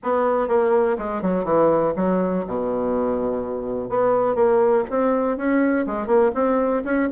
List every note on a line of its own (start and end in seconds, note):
0.03 0.47 B3
0.47 0.96 A#3
0.98 1.22 G#3
1.22 1.44 F#3
1.44 1.93 E3
1.96 2.44 F#3
2.46 3.89 B2
3.89 4.35 B3
4.35 4.84 A#3
4.90 5.37 C4
5.37 5.86 C#4
5.86 6.06 G#3
6.06 6.31 A#3
6.34 6.83 C4
6.84 7.08 C#4